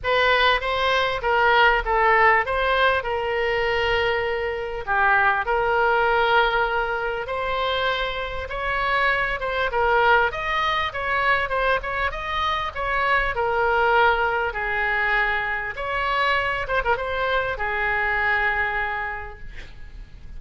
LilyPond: \new Staff \with { instrumentName = "oboe" } { \time 4/4 \tempo 4 = 99 b'4 c''4 ais'4 a'4 | c''4 ais'2. | g'4 ais'2. | c''2 cis''4. c''8 |
ais'4 dis''4 cis''4 c''8 cis''8 | dis''4 cis''4 ais'2 | gis'2 cis''4. c''16 ais'16 | c''4 gis'2. | }